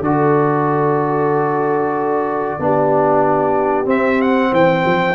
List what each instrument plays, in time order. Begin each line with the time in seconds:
0.00 tuba D3, trombone F#4, horn A4, trumpet D5
2.59 tuba B3, trombone D4, horn G4
3.85 trombone C4, tuba C4, trumpet E5
4.21 trumpet F#5
4.51 tuba E3, horn C5, trumpet G5
4.85 tuba F3